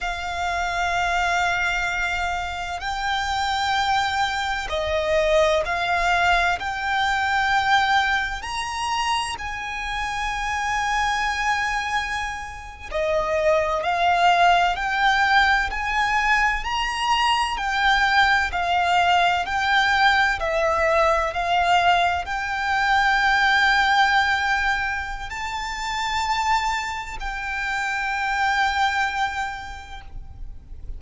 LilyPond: \new Staff \with { instrumentName = "violin" } { \time 4/4 \tempo 4 = 64 f''2. g''4~ | g''4 dis''4 f''4 g''4~ | g''4 ais''4 gis''2~ | gis''4.~ gis''16 dis''4 f''4 g''16~ |
g''8. gis''4 ais''4 g''4 f''16~ | f''8. g''4 e''4 f''4 g''16~ | g''2. a''4~ | a''4 g''2. | }